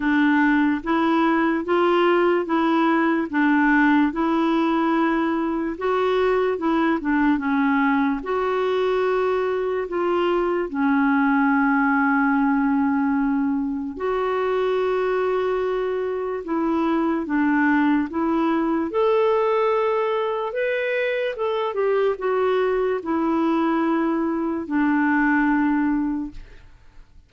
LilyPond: \new Staff \with { instrumentName = "clarinet" } { \time 4/4 \tempo 4 = 73 d'4 e'4 f'4 e'4 | d'4 e'2 fis'4 | e'8 d'8 cis'4 fis'2 | f'4 cis'2.~ |
cis'4 fis'2. | e'4 d'4 e'4 a'4~ | a'4 b'4 a'8 g'8 fis'4 | e'2 d'2 | }